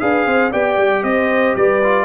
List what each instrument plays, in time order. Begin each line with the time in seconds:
0.00 tuba D4, trombone G#4, horn B4, trumpet F5
0.26 tuba C4, horn C5
0.52 tuba B3, trombone G4, horn D5, trumpet G5
0.78 tuba G3
1.03 tuba C4, horn C5, trumpet D#5
1.56 tuba G3, horn B4, trumpet D5
1.84 trombone F4